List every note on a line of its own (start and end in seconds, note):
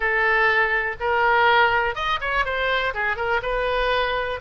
0.00 0.96 A4
1.00 1.95 A#4
1.95 2.19 D#5
2.20 2.45 C#5
2.45 2.93 C5
2.94 3.16 G#4
3.16 3.40 A#4
3.42 4.39 B4